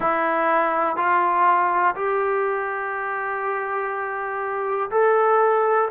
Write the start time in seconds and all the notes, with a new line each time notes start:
0.00 E4
0.96 F4
1.94 G4
4.90 A4